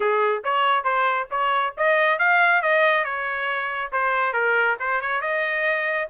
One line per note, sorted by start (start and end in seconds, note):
0.00 0.43 G#4
0.44 0.84 C#5
0.84 1.27 C5
1.30 1.74 C#5
1.77 2.18 D#5
2.18 2.61 F5
2.61 3.04 D#5
3.04 3.91 C#5
3.92 4.33 C5
4.33 4.76 A#4
4.79 5.01 C5
5.01 5.21 C#5
5.21 6.08 D#5